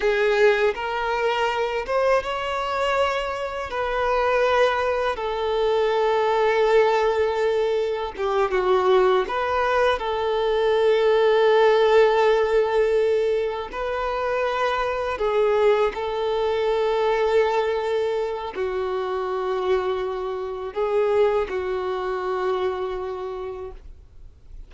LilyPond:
\new Staff \with { instrumentName = "violin" } { \time 4/4 \tempo 4 = 81 gis'4 ais'4. c''8 cis''4~ | cis''4 b'2 a'4~ | a'2. g'8 fis'8~ | fis'8 b'4 a'2~ a'8~ |
a'2~ a'8 b'4.~ | b'8 gis'4 a'2~ a'8~ | a'4 fis'2. | gis'4 fis'2. | }